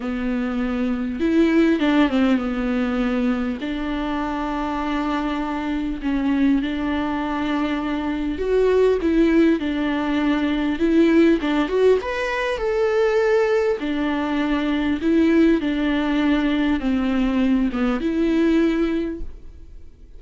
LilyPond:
\new Staff \with { instrumentName = "viola" } { \time 4/4 \tempo 4 = 100 b2 e'4 d'8 c'8 | b2 d'2~ | d'2 cis'4 d'4~ | d'2 fis'4 e'4 |
d'2 e'4 d'8 fis'8 | b'4 a'2 d'4~ | d'4 e'4 d'2 | c'4. b8 e'2 | }